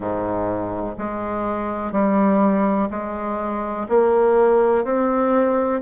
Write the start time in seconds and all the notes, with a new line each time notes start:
0.00 G#2
0.98 G#3
1.91 G3
2.90 G#3
3.88 A#3
4.84 C4